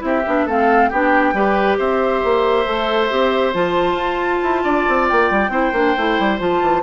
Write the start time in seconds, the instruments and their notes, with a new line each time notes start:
0.00 bassoon C4, clarinet E4, oboe G4, flute E5
0.27 bassoon B3, clarinet D4
0.46 bassoon A3, clarinet C4, oboe A4, flute F5
0.89 bassoon B3, clarinet D4, oboe G4, flute G5
1.33 bassoon G3, clarinet G4, oboe B4
1.78 bassoon C4, oboe C5, flute E5
2.24 bassoon A#3
2.66 bassoon A3, clarinet A4
3.10 bassoon C4, clarinet G4
3.53 bassoon F3, clarinet F4, flute A5
3.94 bassoon F4
4.43 bassoon E4
4.64 bassoon D4, oboe D5
4.89 bassoon C4
5.08 bassoon A#3, flute G5
5.31 bassoon G3
5.49 bassoon C4, clarinet E4, oboe C5
5.73 bassoon A#3, clarinet D4
5.97 bassoon A3, clarinet E4
6.19 bassoon G3
6.39 bassoon F3, clarinet F4, flute A5
6.62 bassoon E3